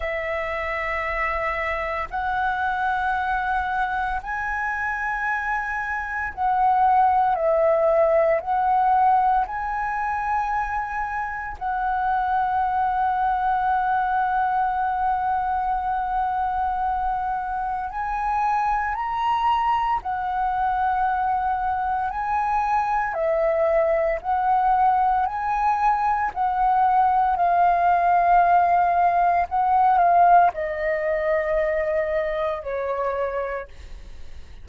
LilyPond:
\new Staff \with { instrumentName = "flute" } { \time 4/4 \tempo 4 = 57 e''2 fis''2 | gis''2 fis''4 e''4 | fis''4 gis''2 fis''4~ | fis''1~ |
fis''4 gis''4 ais''4 fis''4~ | fis''4 gis''4 e''4 fis''4 | gis''4 fis''4 f''2 | fis''8 f''8 dis''2 cis''4 | }